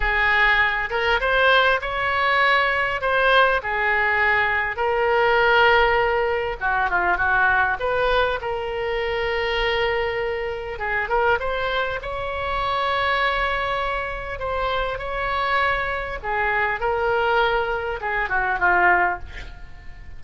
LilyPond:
\new Staff \with { instrumentName = "oboe" } { \time 4/4 \tempo 4 = 100 gis'4. ais'8 c''4 cis''4~ | cis''4 c''4 gis'2 | ais'2. fis'8 f'8 | fis'4 b'4 ais'2~ |
ais'2 gis'8 ais'8 c''4 | cis''1 | c''4 cis''2 gis'4 | ais'2 gis'8 fis'8 f'4 | }